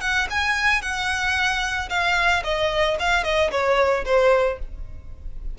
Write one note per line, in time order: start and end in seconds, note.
0.00 0.27 F#5
0.30 0.82 G#5
0.82 1.89 F#5
1.89 2.43 F5
2.44 2.97 D#5
2.99 3.23 F5
3.23 3.50 D#5
3.50 4.04 C#5
4.05 4.58 C5